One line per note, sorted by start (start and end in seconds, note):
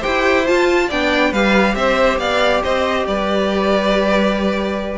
0.00 0.45 G4
0.00 0.86 C5
0.00 0.46 G5
0.06 0.49 E4
0.46 0.90 F4
0.46 0.92 F4
0.46 0.90 A5
0.88 1.32 B3
0.88 1.35 D4
0.88 1.31 D5
0.88 1.33 G5
1.31 1.75 G3
1.31 4.98 G4
1.31 1.74 B4
1.31 1.75 F5
1.75 2.19 C4
1.75 2.20 C5
1.75 2.18 E5
2.19 2.62 B3
2.19 2.63 D5
2.19 2.62 F5
2.63 3.06 C4
2.63 3.06 C5
2.63 3.07 D#5
3.06 4.98 G3
3.06 4.98 B4
3.06 4.98 D5